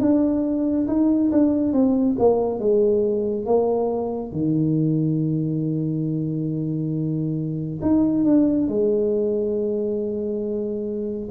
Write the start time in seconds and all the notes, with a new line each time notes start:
0.00 D4
0.88 D#4
1.32 D4
1.73 C4
2.19 A#3
2.59 G#3
3.45 A#3
4.32 D#3
7.82 D#4
8.25 D4
8.68 G#3